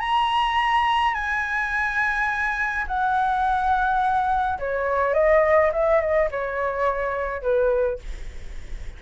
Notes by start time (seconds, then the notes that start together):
0.00 A#5
1.14 G#5
2.87 F#5
4.59 C#5
5.14 D#5
5.73 E5
6.01 D#5
6.31 C#5
7.42 B4